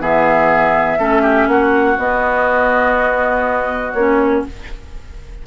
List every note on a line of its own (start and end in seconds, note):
0.00 0.98 E3
0.00 0.98 B3
0.00 0.98 G#4
0.00 1.48 E5
0.98 1.47 A3
0.98 1.97 C#4
0.98 1.22 A4
1.22 1.46 G4
1.47 1.96 A#3
1.47 4.47 F#4
1.47 1.97 F#5
1.98 3.94 B3
1.98 3.96 B3
1.98 3.93 D#5
3.93 4.43 A#3
3.93 4.47 C#4
3.93 4.42 C#5